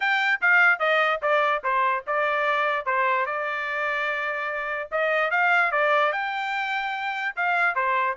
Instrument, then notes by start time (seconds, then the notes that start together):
trumpet
0.00 G5
0.41 F5
0.79 D#5
1.22 D5
1.63 C5
2.06 D5
2.85 C5
3.26 D5
4.91 D#5
5.30 F5
5.71 D5
6.12 G5
7.36 F5
7.75 C5